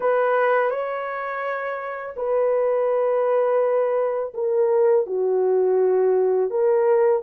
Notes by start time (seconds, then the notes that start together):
0.00 B4
0.70 C#5
2.16 B4
4.34 A#4
5.06 F#4
6.50 A#4